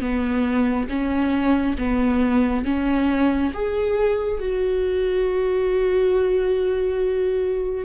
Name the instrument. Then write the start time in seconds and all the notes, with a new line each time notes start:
viola
0.00 B3
0.89 C#4
1.78 B3
2.65 C#4
3.53 G#4
4.39 F#4